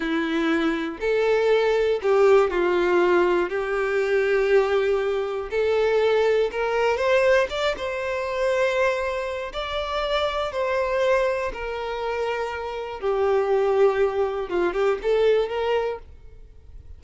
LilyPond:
\new Staff \with { instrumentName = "violin" } { \time 4/4 \tempo 4 = 120 e'2 a'2 | g'4 f'2 g'4~ | g'2. a'4~ | a'4 ais'4 c''4 d''8 c''8~ |
c''2. d''4~ | d''4 c''2 ais'4~ | ais'2 g'2~ | g'4 f'8 g'8 a'4 ais'4 | }